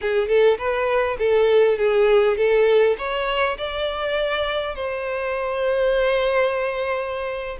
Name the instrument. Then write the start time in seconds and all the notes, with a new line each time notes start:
violin
0.01 G#4
0.28 A4
0.58 B4
1.19 A4
1.78 G#4
2.37 A4
2.97 C#5
3.57 D5
4.75 C5